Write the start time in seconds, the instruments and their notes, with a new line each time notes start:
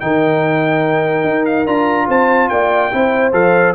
0.00 tuba D#3, trombone D#4, horn A#4, trumpet G5
1.24 tuba D#4
1.45 trumpet F5
1.66 tuba D4, trombone F4, trumpet A#5
2.07 tuba C4, horn C5, trumpet A5
2.49 tuba A#3, horn D5, trumpet G5
2.91 tuba C4, trombone E4, horn C5
3.33 tuba F3, trombone A4, trumpet F5